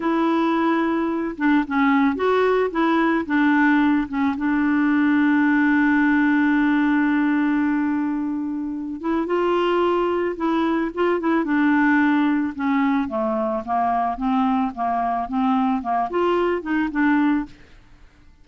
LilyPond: \new Staff \with { instrumentName = "clarinet" } { \time 4/4 \tempo 4 = 110 e'2~ e'8 d'8 cis'4 | fis'4 e'4 d'4. cis'8 | d'1~ | d'1~ |
d'8 e'8 f'2 e'4 | f'8 e'8 d'2 cis'4 | a4 ais4 c'4 ais4 | c'4 ais8 f'4 dis'8 d'4 | }